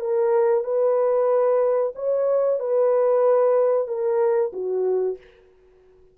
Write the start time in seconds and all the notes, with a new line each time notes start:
0.00 A#4
0.64 B4
1.95 C#5
2.60 B4
3.87 A#4
4.53 F#4